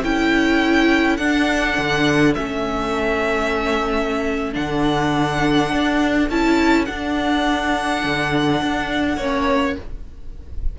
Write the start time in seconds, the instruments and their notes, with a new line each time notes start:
0.00 cello C#4, viola E4, violin A4 G5
1.17 cello D4, viola D4, violin F#5
1.78 cello D3
2.35 cello A3, viola C#4, violin E5
4.54 cello D3, viola D4, violin F#5
5.72 cello D4
6.30 cello C#4, viola E4, violin A5
6.86 viola D4, cello D4, violin F#5
8.04 cello D3
8.62 cello D4
9.17 cello A#3, viola C#4, violin C#5